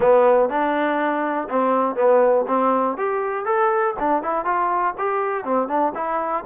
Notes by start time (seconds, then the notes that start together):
0.00 B3
0.49 D4
1.49 C4
1.95 B3
2.47 C4
2.97 G4
3.45 A4
3.99 D4
4.22 E4
4.44 F4
4.97 G4
5.44 C4
5.68 D4
5.95 E4